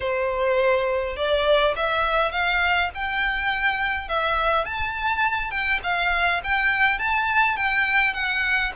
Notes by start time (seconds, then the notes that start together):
0.00 C5
1.16 D5
1.76 E5
2.31 F5
2.94 G5
4.08 E5
4.65 A5
5.50 G5
5.83 F5
6.43 G5
6.98 A5
7.56 G5
8.13 F#5